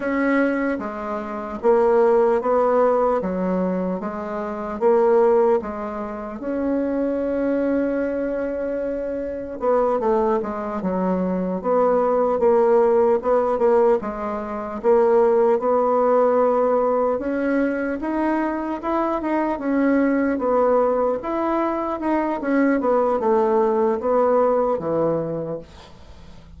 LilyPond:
\new Staff \with { instrumentName = "bassoon" } { \time 4/4 \tempo 4 = 75 cis'4 gis4 ais4 b4 | fis4 gis4 ais4 gis4 | cis'1 | b8 a8 gis8 fis4 b4 ais8~ |
ais8 b8 ais8 gis4 ais4 b8~ | b4. cis'4 dis'4 e'8 | dis'8 cis'4 b4 e'4 dis'8 | cis'8 b8 a4 b4 e4 | }